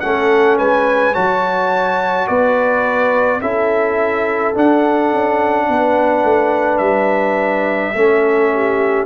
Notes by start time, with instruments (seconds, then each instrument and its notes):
0.00 tuba A3, trombone C#4, horn A4, trumpet F#5
0.57 tuba G#3, horn B4, trumpet G#5
1.13 tuba F#3, trombone F#4, horn C#5, trumpet A5
2.27 tuba B3, horn B4, trumpet D5
3.41 tuba C#4, trombone E4, horn A4, trumpet E5
4.54 trombone D4, tuba D4, trumpet F#5
5.12 tuba C#4
5.69 tuba B3, horn B4
6.24 tuba A3
6.78 tuba G3, trumpet E5
7.94 tuba A3, trombone C#4, horn A4
8.54 horn G4